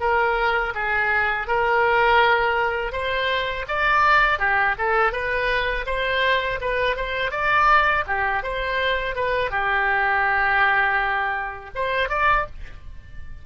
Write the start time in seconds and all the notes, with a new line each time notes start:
0.00 A#4
0.74 G#4
1.47 A#4
2.92 C5
3.68 D5
4.39 G4
4.78 A4
5.12 B4
5.86 C5
6.61 B4
6.96 C5
7.31 D5
8.07 G4
8.43 C5
9.15 B4
9.50 G4
11.75 C5
12.09 D5